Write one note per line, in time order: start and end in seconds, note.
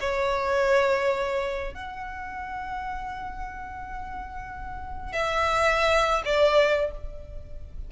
0.00 1.74 C#5
1.74 5.12 F#5
5.12 6.22 E5
6.25 6.91 D5